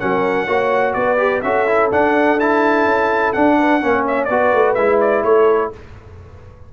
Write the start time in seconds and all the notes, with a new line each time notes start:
0.00 F#3 C#4 A#4 F#5
0.47 A#3 F#4 C#5
0.94 B3 B4 D5
1.18 G4
1.42 C#4 F#4 A4 E5
1.67 E4
1.91 D4 F#5
2.40 E4 A5
2.85 C#4
3.33 D4 F#5
3.58 B4
3.82 A#3 C#4 C#5
4.07 E5
4.25 B3 D5
4.31 F#4 B4
4.53 A3
4.75 G#3 E4 E5
5.01 D5
5.24 A3 A4 C#5